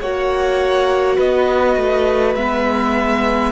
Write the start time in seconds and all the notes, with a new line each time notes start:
0.00 A#3 F#4 C#5 F#5
1.16 B3 B4 D#5
1.76 A3
2.35 G#3 B3 E5